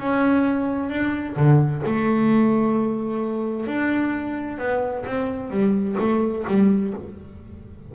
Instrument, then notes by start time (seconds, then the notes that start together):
double bass
0.00 C#4
0.90 D4
1.37 D3
1.86 A3
3.66 D4
4.58 B3
5.06 C4
5.50 G3
5.99 A3
6.48 G3